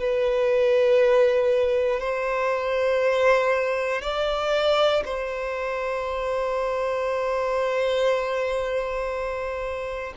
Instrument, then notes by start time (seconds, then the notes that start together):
violin
0.00 B4
2.00 C5
4.02 D5
5.05 C5